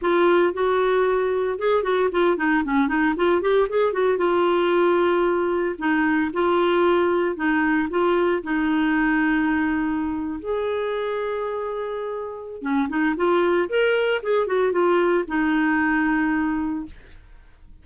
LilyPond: \new Staff \with { instrumentName = "clarinet" } { \time 4/4 \tempo 4 = 114 f'4 fis'2 gis'8 fis'8 | f'8 dis'8 cis'8 dis'8 f'8 g'8 gis'8 fis'8 | f'2. dis'4 | f'2 dis'4 f'4 |
dis'2.~ dis'8. gis'16~ | gis'1 | cis'8 dis'8 f'4 ais'4 gis'8 fis'8 | f'4 dis'2. | }